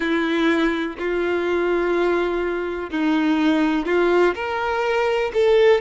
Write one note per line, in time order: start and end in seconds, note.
0.00 0.95 E4
0.98 2.90 F4
2.90 3.86 D#4
3.86 4.34 F4
4.34 5.31 A#4
5.33 5.81 A4